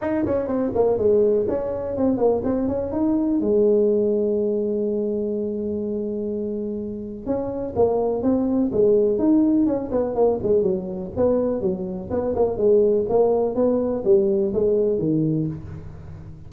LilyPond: \new Staff \with { instrumentName = "tuba" } { \time 4/4 \tempo 4 = 124 dis'8 cis'8 c'8 ais8 gis4 cis'4 | c'8 ais8 c'8 cis'8 dis'4 gis4~ | gis1~ | gis2. cis'4 |
ais4 c'4 gis4 dis'4 | cis'8 b8 ais8 gis8 fis4 b4 | fis4 b8 ais8 gis4 ais4 | b4 g4 gis4 dis4 | }